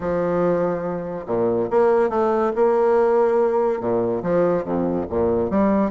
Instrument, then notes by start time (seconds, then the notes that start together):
bassoon
0.00 F3
1.26 A#2
1.70 A#3
2.09 A3
2.55 A#3
3.80 A#2
4.22 F3
4.63 F2
5.09 A#2
5.50 G3